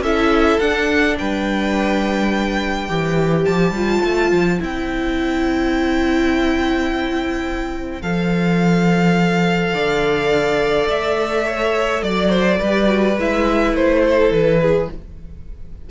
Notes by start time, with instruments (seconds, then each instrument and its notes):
0.00 cello C#4, viola E4, violin A4 E5
0.60 cello D4, viola D4, violin F#5
1.19 cello G3, violin B4 G5
2.89 cello E3, viola G4, violin C5
3.45 cello F3, violin A5
3.71 cello G3, viola F4
4.05 cello A3
4.32 cello F3
4.59 cello C4, viola E4, violin G5
8.02 cello F3, viola A4, violin F5
9.74 cello D3, violin D5
10.89 cello A3, violin E5
11.46 violin C#5
12.02 cello F#3, violin D5
12.30 violin C5
12.59 cello G3, viola G4, violin B4
12.86 viola F#4
13.17 cello G#3, viola E4, violin E5
13.73 cello A3, violin C5
14.04 violin A4
14.31 cello E3, violin B4
14.62 violin G#4